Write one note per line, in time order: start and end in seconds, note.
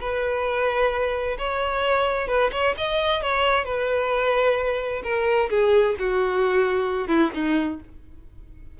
0.00 1.37 B4
1.38 2.27 C#5
2.27 2.50 B4
2.52 2.75 C#5
2.77 3.22 D#5
3.22 3.64 C#5
3.64 5.02 B4
5.03 5.49 A#4
5.49 5.95 G#4
5.99 7.08 F#4
7.08 7.31 E4
7.34 7.80 D#4